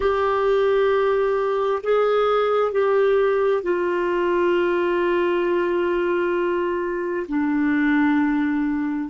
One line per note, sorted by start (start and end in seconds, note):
0.00 1.82 G4
1.83 2.71 G#4
2.71 3.62 G4
3.62 7.26 F4
7.28 9.09 D4